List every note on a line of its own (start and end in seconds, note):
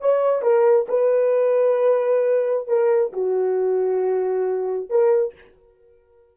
0.00 0.42 C#5
0.42 0.87 A#4
0.89 2.67 B4
2.67 3.12 A#4
3.13 4.89 F#4
4.89 5.34 A#4